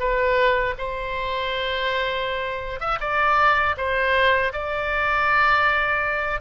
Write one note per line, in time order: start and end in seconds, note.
0.00 0.75 B4
0.78 2.81 C5
2.81 2.99 E5
3.01 3.76 D5
3.78 4.53 C5
4.53 6.41 D5